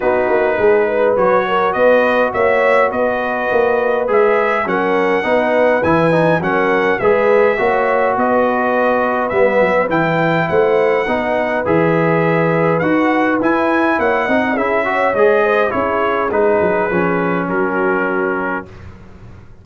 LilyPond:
<<
  \new Staff \with { instrumentName = "trumpet" } { \time 4/4 \tempo 4 = 103 b'2 cis''4 dis''4 | e''4 dis''2 e''4 | fis''2 gis''4 fis''4 | e''2 dis''2 |
e''4 g''4 fis''2 | e''2 fis''4 gis''4 | fis''4 e''4 dis''4 cis''4 | b'2 ais'2 | }
  \new Staff \with { instrumentName = "horn" } { \time 4/4 fis'4 gis'8 b'4 ais'8 b'4 | cis''4 b'2. | ais'4 b'2 ais'4 | b'4 cis''4 b'2~ |
b'2 c''4 b'4~ | b'1 | cis''8 dis''8 gis'8 cis''4 c''8 gis'4~ | gis'2 fis'2 | }
  \new Staff \with { instrumentName = "trombone" } { \time 4/4 dis'2 fis'2~ | fis'2. gis'4 | cis'4 dis'4 e'8 dis'8 cis'4 | gis'4 fis'2. |
b4 e'2 dis'4 | gis'2 fis'4 e'4~ | e'8 dis'8 e'8 fis'8 gis'4 e'4 | dis'4 cis'2. | }
  \new Staff \with { instrumentName = "tuba" } { \time 4/4 b8 ais8 gis4 fis4 b4 | ais4 b4 ais4 gis4 | fis4 b4 e4 fis4 | gis4 ais4 b2 |
g8 fis8 e4 a4 b4 | e2 dis'4 e'4 | ais8 c'8 cis'4 gis4 cis'4 | gis8 fis8 f4 fis2 | }
>>